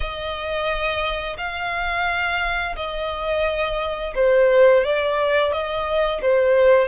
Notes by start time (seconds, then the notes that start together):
0.00 D#5
1.37 F5
2.76 D#5
4.15 C5
4.83 D5
5.52 D#5
6.21 C5